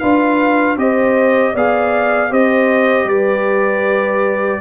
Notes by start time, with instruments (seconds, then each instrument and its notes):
0.00 tuba D4, trombone F4, horn B4, trumpet F5
0.77 tuba C4, trombone G4, horn C5, trumpet D#5
1.53 tuba B3, trombone G#4, horn D5, trumpet F5
2.30 tuba C4, trombone G4, horn C5, trumpet D#5
3.05 tuba G3, horn B4, trumpet D5